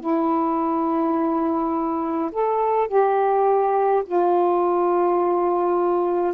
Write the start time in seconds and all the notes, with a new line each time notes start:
0.00 E4
2.32 A4
2.88 G4
4.06 F4